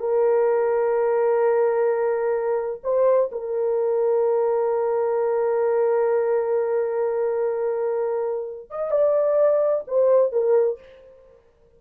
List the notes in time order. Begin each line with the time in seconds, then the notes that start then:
0.00 A#4
2.83 C5
3.32 A#4
8.70 D#5
8.91 D5
9.88 C5
10.32 A#4